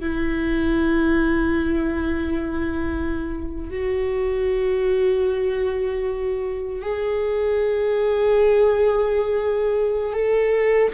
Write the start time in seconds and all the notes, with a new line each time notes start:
0.00 E4
3.70 F#4
6.82 G#4
10.13 A4